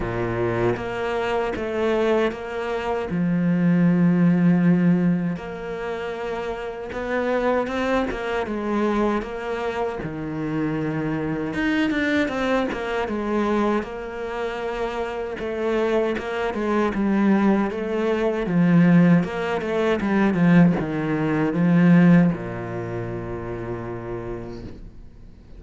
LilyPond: \new Staff \with { instrumentName = "cello" } { \time 4/4 \tempo 4 = 78 ais,4 ais4 a4 ais4 | f2. ais4~ | ais4 b4 c'8 ais8 gis4 | ais4 dis2 dis'8 d'8 |
c'8 ais8 gis4 ais2 | a4 ais8 gis8 g4 a4 | f4 ais8 a8 g8 f8 dis4 | f4 ais,2. | }